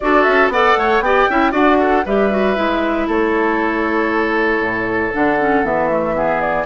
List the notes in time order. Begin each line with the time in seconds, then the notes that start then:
0.00 D4 F#4 A4 D5
0.23 C#4 E5
0.48 B3 A4 D5 F#5
0.77 A3 C#5
1.00 B3 G4 D5 G5
1.29 C#4 E4 E5
1.51 D4 F#4 D5 F#5
1.79 A4
2.05 G3 G4 B4 E5
2.30 F#4
2.55 G#3 E4
3.07 A3 A4 C#5
4.59 A2
5.12 D3 D4 F#5
5.39 C#4
5.63 E3 B3 E5
5.89 A3
6.15 B3 G#4
6.40 D5